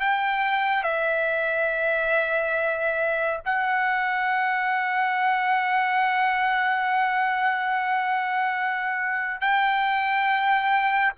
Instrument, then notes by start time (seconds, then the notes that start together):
trumpet
0.00 G5
0.83 E5
3.46 F#5
9.41 G5